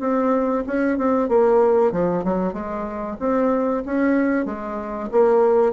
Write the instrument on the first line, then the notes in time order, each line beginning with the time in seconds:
bassoon
0.00 C4
0.67 C#4
0.98 C4
1.29 A#3
1.92 F3
2.24 F#3
2.53 G#3
3.20 C4
3.86 C#4
4.46 G#3
5.12 A#3